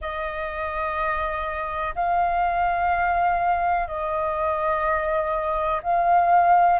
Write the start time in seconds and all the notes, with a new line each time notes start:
0.01 D#5
1.95 F5
3.87 D#5
5.82 F5